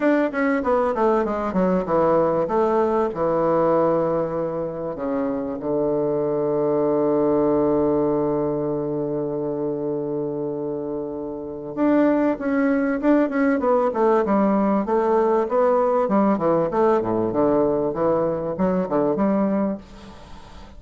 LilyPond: \new Staff \with { instrumentName = "bassoon" } { \time 4/4 \tempo 4 = 97 d'8 cis'8 b8 a8 gis8 fis8 e4 | a4 e2. | cis4 d2.~ | d1~ |
d2. d'4 | cis'4 d'8 cis'8 b8 a8 g4 | a4 b4 g8 e8 a8 a,8 | d4 e4 fis8 d8 g4 | }